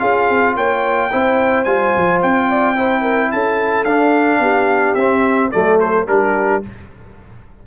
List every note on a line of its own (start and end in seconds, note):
0.00 0.29 C#4
0.00 1.10 F4
0.00 0.56 G#4
0.00 0.55 F5
0.29 0.56 C4
0.56 1.11 A#3
0.56 1.11 C#5
0.56 1.64 G5
1.12 1.66 C4
1.12 1.66 E4
1.12 2.49 C5
1.64 1.94 G3
1.64 2.76 F4
1.64 2.19 G#5
1.97 2.23 F3
2.22 3.33 C4
2.22 3.32 G5
2.49 2.77 D5
2.76 3.86 E4
2.76 3.02 C5
3.02 3.29 A#4
3.32 3.86 C#4
3.32 4.41 A4
3.32 3.85 A5
3.85 4.40 D4
3.85 4.98 D4
3.85 4.95 F5
4.40 4.95 B3
4.40 5.51 G4
4.95 5.51 C4
4.95 5.53 C4
4.95 5.50 E5
5.51 6.07 F#3
5.51 6.08 A3
5.51 6.08 A4
5.51 5.79 D5
5.80 6.07 C5
6.07 6.62 G3
6.07 6.63 D4
6.07 6.67 G4
6.07 6.63 A#4